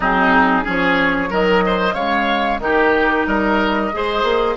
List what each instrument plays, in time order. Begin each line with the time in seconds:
0.00 bassoon F#3, clarinet C4, oboe D#4, flute G#4
0.63 bassoon F3, clarinet C#4, oboe G#4, flute C#5
1.28 bassoon D#3, clarinet F#3, oboe A#4, flute D#5
1.66 oboe C5
1.93 bassoon C#3, clarinet G#3, oboe C#5, flute F5
2.58 bassoon D#3, clarinet D#4, oboe G4, flute A#4
3.26 bassoon G3, oboe A#4, flute D#5
3.92 bassoon G#3, clarinet G#4, oboe C5
4.23 bassoon A#3